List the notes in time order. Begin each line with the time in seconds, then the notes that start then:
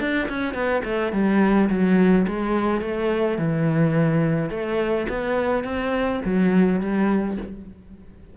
0.00 D4
0.29 C#4
0.54 B3
0.85 A3
1.13 G3
1.70 F#3
2.27 G#3
2.81 A3
3.38 E3
4.50 A3
5.09 B3
5.64 C4
6.25 F#3
6.81 G3